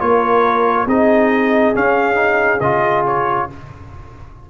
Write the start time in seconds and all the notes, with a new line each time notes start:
0.00 A#3 F4 A#4 C#5
0.87 C4 D#4 G#4 D#5
1.74 C#4 F5
2.15 D#4
2.61 C#3 F4 D#5
3.07 C#5